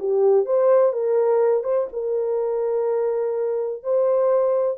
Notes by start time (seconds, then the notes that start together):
0.00 G4
0.46 C5
0.93 A#4
1.64 C5
1.93 A#4
3.84 C5